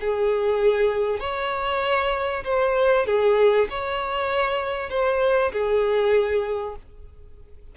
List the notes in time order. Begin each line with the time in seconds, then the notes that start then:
0.00 G#4
1.20 C#5
2.44 C5
3.06 G#4
3.69 C#5
4.90 C5
5.52 G#4